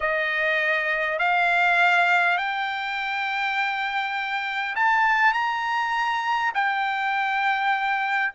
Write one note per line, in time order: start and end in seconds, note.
0.00 1.19 D#5
1.19 2.37 F5
2.37 4.75 G5
4.75 5.33 A5
5.33 6.52 A#5
6.54 8.32 G5